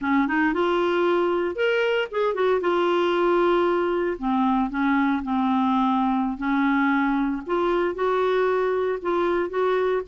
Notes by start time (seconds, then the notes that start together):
0.01 C#4
0.27 D#4
0.53 F4
1.55 A#4
2.11 G#4
2.34 F#4
2.60 F4
4.18 C4
4.70 C#4
5.23 C4
6.37 C#4
7.46 F4
7.94 F#4
9.02 F4
9.49 F#4